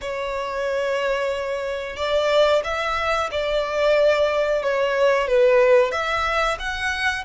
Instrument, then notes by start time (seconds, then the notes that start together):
violin
0.01 C#5
1.96 D5
2.64 E5
3.31 D5
4.62 C#5
5.27 B4
5.91 E5
6.59 F#5